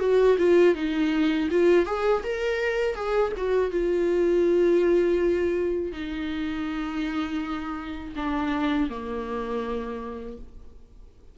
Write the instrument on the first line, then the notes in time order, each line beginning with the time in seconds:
viola
0.00 F#4
0.38 F4
0.75 D#4
1.51 F4
1.86 G#4
2.24 A#4
2.95 G#4
3.37 F#4
3.71 F4
5.93 D#4
8.16 D4
8.90 A#3